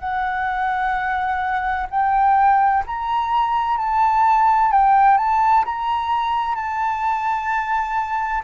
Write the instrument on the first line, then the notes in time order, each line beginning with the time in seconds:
flute
0.00 F#5
1.90 G5
2.87 A#5
3.78 A5
4.72 G5
5.18 A5
5.65 A#5
6.55 A5